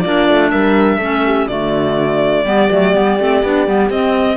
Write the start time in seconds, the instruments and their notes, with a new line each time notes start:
0.00 cello A#3, clarinet D4, horn F4, violin D5
0.29 cello A3
0.51 cello G3, horn A#4, violin E5
0.98 cello A3, clarinet C#4, horn A4
1.25 horn G4
1.48 cello D3, clarinet A3, horn F#4, violin D5
2.45 cello G3, clarinet B3, horn G4
2.71 cello F#3, clarinet A3
2.94 cello G3, clarinet B3
3.19 cello A3, clarinet C4
3.43 cello B3, clarinet D4
3.66 cello G3, clarinet B3
3.90 cello C4, clarinet C4, violin D#5